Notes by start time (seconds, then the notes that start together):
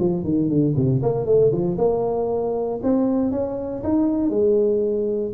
0.00 F3
0.24 D#3
0.50 D3
0.77 C3
1.03 A#3
1.26 A3
1.52 F3
1.78 A#3
2.83 C4
3.32 C#4
3.84 D#4
4.30 G#3